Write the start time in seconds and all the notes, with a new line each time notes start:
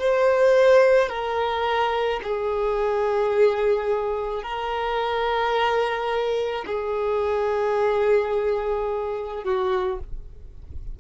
0.00 C5
1.10 A#4
2.24 G#4
4.43 A#4
6.67 G#4
9.44 F#4